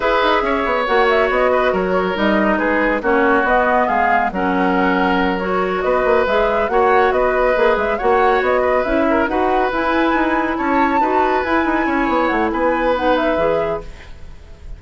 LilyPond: <<
  \new Staff \with { instrumentName = "flute" } { \time 4/4 \tempo 4 = 139 e''2 fis''8 e''8 dis''4 | cis''4 dis''4 b'4 cis''4 | dis''4 f''4 fis''2~ | fis''8 cis''4 dis''4 e''4 fis''8~ |
fis''8 dis''4. e''8 fis''4 dis''8~ | dis''8 e''4 fis''4 gis''4.~ | gis''8 a''2 gis''4.~ | gis''8 fis''8 gis''4 fis''8 e''4. | }
  \new Staff \with { instrumentName = "oboe" } { \time 4/4 b'4 cis''2~ cis''8 b'8 | ais'2 gis'4 fis'4~ | fis'4 gis'4 ais'2~ | ais'4. b'2 cis''8~ |
cis''8 b'2 cis''4. | b'4 ais'8 b'2~ b'8~ | b'8 cis''4 b'2 cis''8~ | cis''4 b'2. | }
  \new Staff \with { instrumentName = "clarinet" } { \time 4/4 gis'2 fis'2~ | fis'4 dis'2 cis'4 | b2 cis'2~ | cis'8 fis'2 gis'4 fis'8~ |
fis'4. gis'4 fis'4.~ | fis'8 e'4 fis'4 e'4.~ | e'4. fis'4 e'4.~ | e'2 dis'4 gis'4 | }
  \new Staff \with { instrumentName = "bassoon" } { \time 4/4 e'8 dis'8 cis'8 b8 ais4 b4 | fis4 g4 gis4 ais4 | b4 gis4 fis2~ | fis4. b8 ais8 gis4 ais8~ |
ais8 b4 ais8 gis8 ais4 b8~ | b8 cis'4 dis'4 e'4 dis'8~ | dis'8 cis'4 dis'4 e'8 dis'8 cis'8 | b8 a8 b2 e4 | }
>>